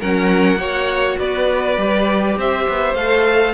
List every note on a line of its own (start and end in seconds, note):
0.00 0.56 F#3
0.00 0.58 C#4
0.00 0.59 A#4
0.00 1.19 F#5
0.56 1.16 A#3
0.56 1.77 F#4
0.56 1.18 C#5
1.19 1.77 B3
1.19 2.38 B4
1.19 2.38 D5
1.77 2.37 G3
1.77 2.97 G4
2.37 2.67 C4
2.37 3.54 C5
2.37 2.95 E5
2.69 2.94 B3
2.94 3.54 A3
2.94 3.54 A4
2.94 3.54 F5